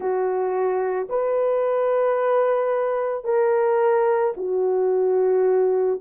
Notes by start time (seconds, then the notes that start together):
0.00 F#4
1.09 B4
3.24 A#4
4.36 F#4